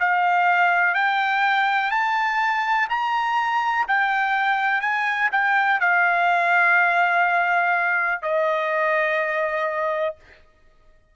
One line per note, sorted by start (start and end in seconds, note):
0.00 0.95 F5
0.95 1.91 G5
1.91 2.88 A5
2.90 3.87 A#5
3.88 4.81 G5
4.81 5.30 G#5
5.32 5.80 G5
5.80 8.22 F5
8.22 10.16 D#5